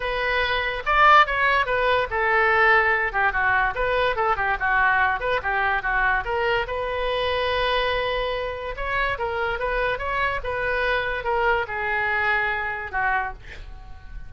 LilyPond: \new Staff \with { instrumentName = "oboe" } { \time 4/4 \tempo 4 = 144 b'2 d''4 cis''4 | b'4 a'2~ a'8 g'8 | fis'4 b'4 a'8 g'8 fis'4~ | fis'8 b'8 g'4 fis'4 ais'4 |
b'1~ | b'4 cis''4 ais'4 b'4 | cis''4 b'2 ais'4 | gis'2. fis'4 | }